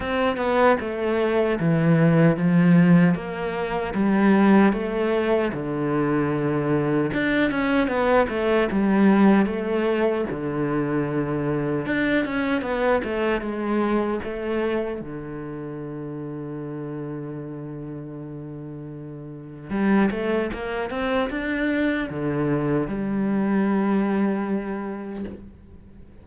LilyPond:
\new Staff \with { instrumentName = "cello" } { \time 4/4 \tempo 4 = 76 c'8 b8 a4 e4 f4 | ais4 g4 a4 d4~ | d4 d'8 cis'8 b8 a8 g4 | a4 d2 d'8 cis'8 |
b8 a8 gis4 a4 d4~ | d1~ | d4 g8 a8 ais8 c'8 d'4 | d4 g2. | }